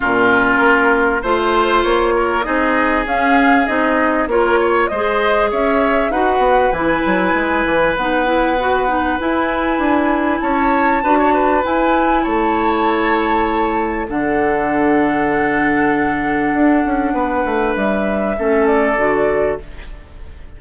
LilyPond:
<<
  \new Staff \with { instrumentName = "flute" } { \time 4/4 \tempo 4 = 98 ais'2 c''4 cis''4 | dis''4 f''4 dis''4 cis''4 | dis''4 e''4 fis''4 gis''4~ | gis''4 fis''2 gis''4~ |
gis''4 a''2 gis''4 | a''2. fis''4~ | fis''1~ | fis''4 e''4. d''4. | }
  \new Staff \with { instrumentName = "oboe" } { \time 4/4 f'2 c''4. ais'8 | gis'2. ais'8 cis''8 | c''4 cis''4 b'2~ | b'1~ |
b'4 cis''4 b'16 cis''16 b'4. | cis''2. a'4~ | a'1 | b'2 a'2 | }
  \new Staff \with { instrumentName = "clarinet" } { \time 4/4 cis'2 f'2 | dis'4 cis'4 dis'4 f'4 | gis'2 fis'4 e'4~ | e'4 dis'8 e'8 fis'8 dis'8 e'4~ |
e'2 fis'4 e'4~ | e'2. d'4~ | d'1~ | d'2 cis'4 fis'4 | }
  \new Staff \with { instrumentName = "bassoon" } { \time 4/4 ais,4 ais4 a4 ais4 | c'4 cis'4 c'4 ais4 | gis4 cis'4 dis'8 b8 e8 fis8 | gis8 e8 b2 e'4 |
d'4 cis'4 d'4 e'4 | a2. d4~ | d2. d'8 cis'8 | b8 a8 g4 a4 d4 | }
>>